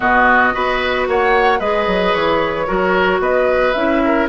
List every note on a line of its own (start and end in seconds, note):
0.00 0.53 B2
0.00 0.53 B3
0.00 0.54 F#4
0.00 1.07 D#5
0.53 1.07 B3
0.53 1.60 F#4
0.53 1.07 B4
1.07 1.59 A#3
1.07 1.59 C#5
1.07 1.59 F#5
1.59 1.86 G#3
1.59 2.66 G#4
1.59 2.66 B4
1.59 2.13 D#5
1.86 2.13 F#3
2.13 2.68 E3
2.13 3.20 C#5
2.66 3.19 F#3
2.66 3.73 F#4
2.66 3.20 A#4
3.19 3.73 B3
3.19 4.02 B4
3.19 3.73 D#5
3.73 4.28 C#4
3.73 4.28 E4
3.73 4.26 E5
4.04 4.28 A#4